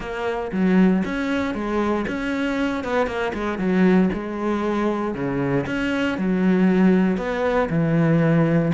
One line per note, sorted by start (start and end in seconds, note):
0.00 0.51 A#3
0.52 1.03 F#3
1.04 1.54 C#4
1.54 2.05 G#3
2.07 2.83 C#4
2.83 3.06 B3
3.06 3.32 A#3
3.33 3.58 G#3
3.58 4.09 F#3
4.13 5.14 G#3
5.14 5.65 C#3
5.66 6.17 C#4
6.18 7.17 F#3
7.17 7.68 B3
7.69 8.72 E3